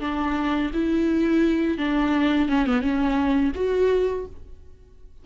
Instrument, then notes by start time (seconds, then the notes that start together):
viola
0.00 D4
0.73 E4
1.77 D4
2.48 C#4
2.66 B3
2.81 C#4
3.55 F#4